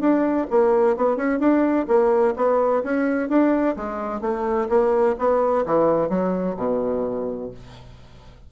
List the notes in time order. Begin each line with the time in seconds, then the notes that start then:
0.00 D4
0.50 A#3
0.97 B3
1.16 C#4
1.39 D4
1.87 A#3
2.36 B3
2.83 C#4
3.29 D4
3.76 G#3
4.21 A3
4.69 A#3
5.18 B3
5.66 E3
6.09 F#3
6.57 B2